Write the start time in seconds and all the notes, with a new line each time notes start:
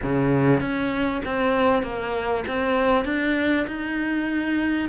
0.03 C#3
0.60 C#4
1.25 C4
1.83 A#3
2.47 C4
3.04 D4
3.67 D#4